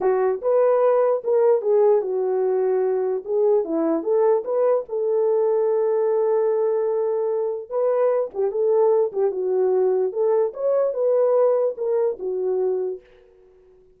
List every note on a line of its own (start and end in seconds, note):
0.00 0.41 F#4
0.41 1.22 B4
1.24 1.61 A#4
1.61 2.01 G#4
2.01 3.23 F#4
3.24 3.64 G#4
3.64 4.03 E4
4.03 4.43 A4
4.44 4.84 B4
4.89 7.69 A4
7.69 8.30 B4
8.34 8.51 G4
8.51 9.11 A4
9.12 9.31 G4
9.31 10.12 F#4
10.12 10.52 A4
10.53 10.93 C#5
10.93 11.74 B4
11.77 12.17 A#4
12.19 13.00 F#4